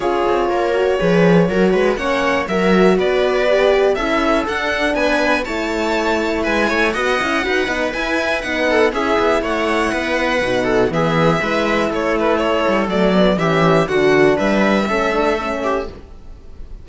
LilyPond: <<
  \new Staff \with { instrumentName = "violin" } { \time 4/4 \tempo 4 = 121 cis''1 | fis''4 e''4 d''2 | e''4 fis''4 gis''4 a''4~ | a''4 gis''4 fis''2 |
gis''4 fis''4 e''4 fis''4~ | fis''2 e''2 | cis''8 b'8 cis''4 d''4 e''4 | fis''4 e''2. | }
  \new Staff \with { instrumentName = "viola" } { \time 4/4 gis'4 ais'4 b'4 ais'8 b'8 | cis''4 ais'4 b'2 | a'2 b'4 cis''4~ | cis''4 b'8 cis''8 dis''4 b'4~ |
b'4. a'8 gis'4 cis''4 | b'4. a'8 gis'4 b'4 | a'2. g'4 | fis'4 b'4 a'4. g'8 | }
  \new Staff \with { instrumentName = "horn" } { \time 4/4 f'4. fis'8 gis'4 fis'4 | cis'4 fis'2 g'4 | e'4 d'2 e'4~ | e'2 fis'8 e'8 fis'8 dis'8 |
e'4 dis'4 e'2~ | e'4 dis'4 b4 e'4~ | e'2 a8 b8 cis'4 | d'2 cis'8 d'8 cis'4 | }
  \new Staff \with { instrumentName = "cello" } { \time 4/4 cis'8 c'8 ais4 f4 fis8 gis8 | ais4 fis4 b2 | cis'4 d'4 b4 a4~ | a4 gis8 a8 b8 cis'8 dis'8 b8 |
e'4 b4 cis'8 b8 a4 | b4 b,4 e4 gis4 | a4. g8 fis4 e4 | d4 g4 a2 | }
>>